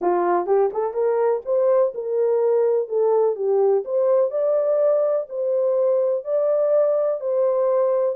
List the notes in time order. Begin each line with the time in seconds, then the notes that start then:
0.01 F4
0.46 G4
0.73 A4
0.93 A#4
1.45 C5
1.94 A#4
2.88 A4
3.35 G4
3.84 C5
4.30 D5
5.29 C5
6.24 D5
7.20 C5